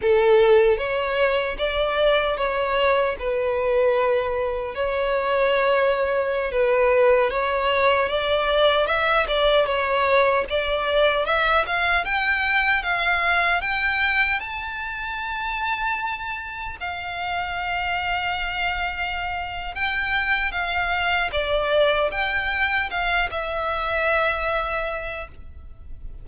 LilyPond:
\new Staff \with { instrumentName = "violin" } { \time 4/4 \tempo 4 = 76 a'4 cis''4 d''4 cis''4 | b'2 cis''2~ | cis''16 b'4 cis''4 d''4 e''8 d''16~ | d''16 cis''4 d''4 e''8 f''8 g''8.~ |
g''16 f''4 g''4 a''4.~ a''16~ | a''4~ a''16 f''2~ f''8.~ | f''4 g''4 f''4 d''4 | g''4 f''8 e''2~ e''8 | }